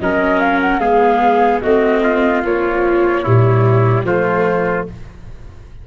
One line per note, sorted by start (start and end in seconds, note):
0.00 0.79 F#3
0.00 0.81 C#4
0.00 0.81 A#4
0.00 0.40 D#5
0.40 0.60 F5
0.61 0.80 F#5
0.79 1.60 G#3
0.79 1.62 B3
0.79 1.62 G#4
0.79 1.61 F5
1.62 2.44 A3
1.62 2.43 C4
1.62 2.03 F#4
1.62 2.43 D#5
2.03 3.23 F4
2.43 3.24 F3
2.43 3.25 A#3
2.43 4.05 C#5
3.23 4.04 A#2
3.23 4.06 G3
3.23 4.05 E4
4.04 4.85 F3
4.04 4.87 A3
4.04 4.87 F4
4.04 4.86 C5